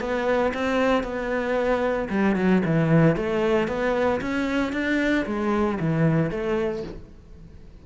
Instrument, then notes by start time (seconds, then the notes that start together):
cello
0.00 B3
0.54 C4
1.03 B3
2.09 G3
2.36 F#3
2.65 E3
3.16 A3
3.68 B3
4.21 C#4
4.72 D4
5.26 G#3
5.80 E3
6.30 A3